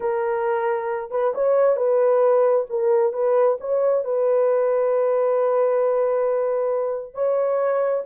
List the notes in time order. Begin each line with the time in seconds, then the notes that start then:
0.00 A#4
1.11 B4
1.34 C#5
1.76 B4
2.69 A#4
3.12 B4
3.60 C#5
4.04 B4
7.14 C#5